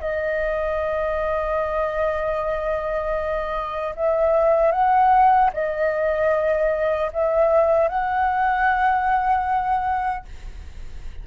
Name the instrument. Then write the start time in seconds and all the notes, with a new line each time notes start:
flute
0.00 D#5
3.95 E5
4.72 F#5
5.53 D#5
7.13 E5
7.88 F#5